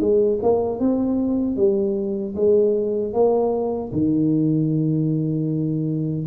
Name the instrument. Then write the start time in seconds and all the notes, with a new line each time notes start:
tuba
0.00 G#3
0.43 A#3
0.80 C4
1.57 G3
2.36 G#3
3.13 A#3
3.93 D#3